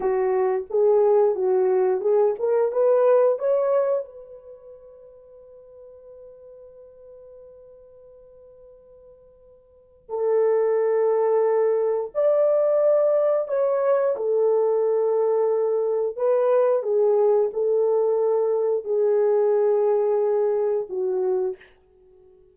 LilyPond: \new Staff \with { instrumentName = "horn" } { \time 4/4 \tempo 4 = 89 fis'4 gis'4 fis'4 gis'8 ais'8 | b'4 cis''4 b'2~ | b'1~ | b'2. a'4~ |
a'2 d''2 | cis''4 a'2. | b'4 gis'4 a'2 | gis'2. fis'4 | }